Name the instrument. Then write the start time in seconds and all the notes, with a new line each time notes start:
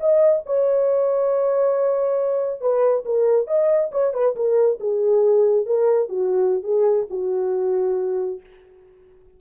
horn
0.00 D#5
0.46 C#5
2.61 B4
3.06 A#4
3.47 D#5
3.92 C#5
4.14 B4
4.36 A#4
4.80 G#4
5.66 A#4
6.09 F#4
6.63 G#4
7.10 F#4